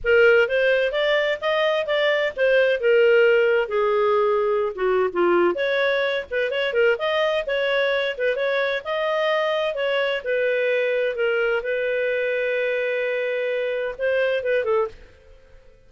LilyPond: \new Staff \with { instrumentName = "clarinet" } { \time 4/4 \tempo 4 = 129 ais'4 c''4 d''4 dis''4 | d''4 c''4 ais'2 | gis'2~ gis'16 fis'8. f'4 | cis''4. b'8 cis''8 ais'8 dis''4 |
cis''4. b'8 cis''4 dis''4~ | dis''4 cis''4 b'2 | ais'4 b'2.~ | b'2 c''4 b'8 a'8 | }